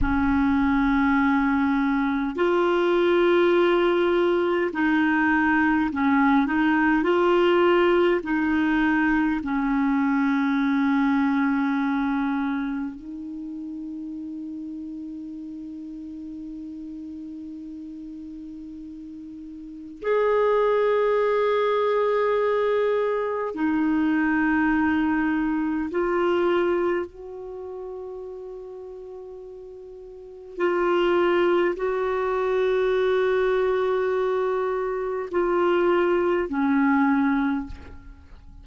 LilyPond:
\new Staff \with { instrumentName = "clarinet" } { \time 4/4 \tempo 4 = 51 cis'2 f'2 | dis'4 cis'8 dis'8 f'4 dis'4 | cis'2. dis'4~ | dis'1~ |
dis'4 gis'2. | dis'2 f'4 fis'4~ | fis'2 f'4 fis'4~ | fis'2 f'4 cis'4 | }